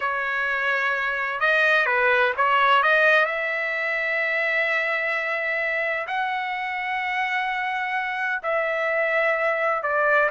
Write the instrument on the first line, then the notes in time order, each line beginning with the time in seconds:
trumpet
0.00 C#5
1.39 D#5
1.86 B4
2.36 C#5
2.82 D#5
3.25 E5
6.07 F#5
8.42 E5
9.82 D5